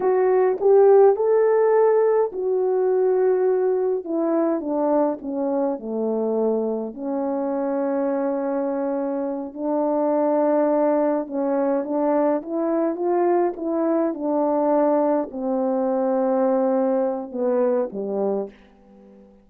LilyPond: \new Staff \with { instrumentName = "horn" } { \time 4/4 \tempo 4 = 104 fis'4 g'4 a'2 | fis'2. e'4 | d'4 cis'4 a2 | cis'1~ |
cis'8 d'2. cis'8~ | cis'8 d'4 e'4 f'4 e'8~ | e'8 d'2 c'4.~ | c'2 b4 g4 | }